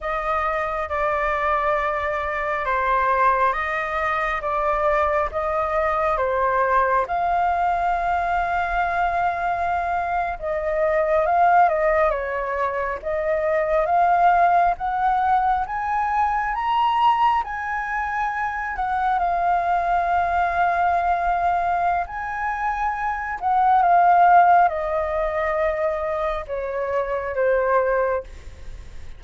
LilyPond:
\new Staff \with { instrumentName = "flute" } { \time 4/4 \tempo 4 = 68 dis''4 d''2 c''4 | dis''4 d''4 dis''4 c''4 | f''2.~ f''8. dis''16~ | dis''8. f''8 dis''8 cis''4 dis''4 f''16~ |
f''8. fis''4 gis''4 ais''4 gis''16~ | gis''4~ gis''16 fis''8 f''2~ f''16~ | f''4 gis''4. fis''8 f''4 | dis''2 cis''4 c''4 | }